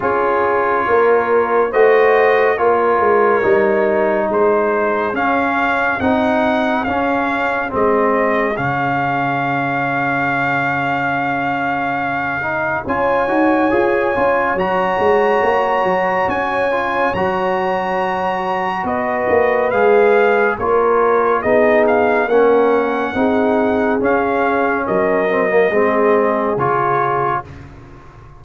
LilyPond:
<<
  \new Staff \with { instrumentName = "trumpet" } { \time 4/4 \tempo 4 = 70 cis''2 dis''4 cis''4~ | cis''4 c''4 f''4 fis''4 | f''4 dis''4 f''2~ | f''2. gis''4~ |
gis''4 ais''2 gis''4 | ais''2 dis''4 f''4 | cis''4 dis''8 f''8 fis''2 | f''4 dis''2 cis''4 | }
  \new Staff \with { instrumentName = "horn" } { \time 4/4 gis'4 ais'4 c''4 ais'4~ | ais'4 gis'2.~ | gis'1~ | gis'2. cis''4~ |
cis''1~ | cis''2 b'2 | ais'4 gis'4 ais'4 gis'4~ | gis'4 ais'4 gis'2 | }
  \new Staff \with { instrumentName = "trombone" } { \time 4/4 f'2 fis'4 f'4 | dis'2 cis'4 dis'4 | cis'4 c'4 cis'2~ | cis'2~ cis'8 dis'8 f'8 fis'8 |
gis'8 f'8 fis'2~ fis'8 f'8 | fis'2. gis'4 | f'4 dis'4 cis'4 dis'4 | cis'4. c'16 ais16 c'4 f'4 | }
  \new Staff \with { instrumentName = "tuba" } { \time 4/4 cis'4 ais4 a4 ais8 gis8 | g4 gis4 cis'4 c'4 | cis'4 gis4 cis2~ | cis2. cis'8 dis'8 |
f'8 cis'8 fis8 gis8 ais8 fis8 cis'4 | fis2 b8 ais8 gis4 | ais4 b4 ais4 c'4 | cis'4 fis4 gis4 cis4 | }
>>